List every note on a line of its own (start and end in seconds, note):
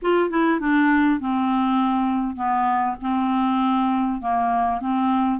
0.01 0.30 F4
0.30 0.59 E4
0.59 1.19 D4
1.20 2.35 C4
2.35 2.96 B3
3.01 4.21 C4
4.21 4.81 A#3
4.81 5.40 C4